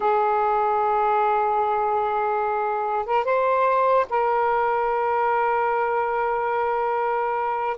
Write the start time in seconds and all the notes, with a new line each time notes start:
0.00 G#4
3.05 A#4
3.24 C5
4.09 A#4